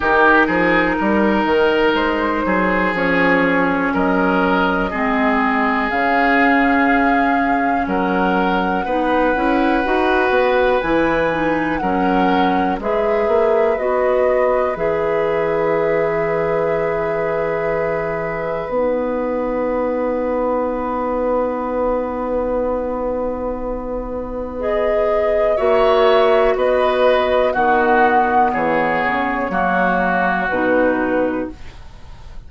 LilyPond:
<<
  \new Staff \with { instrumentName = "flute" } { \time 4/4 \tempo 4 = 61 ais'2 c''4 cis''4 | dis''2 f''2 | fis''2. gis''4 | fis''4 e''4 dis''4 e''4~ |
e''2. fis''4~ | fis''1~ | fis''4 dis''4 e''4 dis''4 | fis''4 cis''2 b'4 | }
  \new Staff \with { instrumentName = "oboe" } { \time 4/4 g'8 gis'8 ais'4. gis'4. | ais'4 gis'2. | ais'4 b'2. | ais'4 b'2.~ |
b'1~ | b'1~ | b'2 cis''4 b'4 | fis'4 gis'4 fis'2 | }
  \new Staff \with { instrumentName = "clarinet" } { \time 4/4 dis'2. cis'4~ | cis'4 c'4 cis'2~ | cis'4 dis'8 e'8 fis'4 e'8 dis'8 | cis'4 gis'4 fis'4 gis'4~ |
gis'2. dis'4~ | dis'1~ | dis'4 gis'4 fis'2 | b2 ais4 dis'4 | }
  \new Staff \with { instrumentName = "bassoon" } { \time 4/4 dis8 f8 g8 dis8 gis8 fis8 f4 | fis4 gis4 cis2 | fis4 b8 cis'8 dis'8 b8 e4 | fis4 gis8 ais8 b4 e4~ |
e2. b4~ | b1~ | b2 ais4 b4 | dis4 e8 cis8 fis4 b,4 | }
>>